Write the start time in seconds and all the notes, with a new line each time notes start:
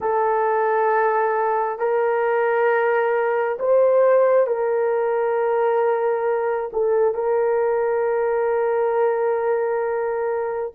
0.00 A4
1.78 A#4
3.59 C5
4.46 A#4
6.72 A4
7.14 A#4